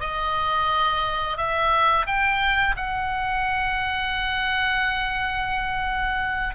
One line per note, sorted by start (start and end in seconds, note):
0.00 1.37 D#5
1.37 2.06 E5
2.06 2.75 G5
2.76 6.55 F#5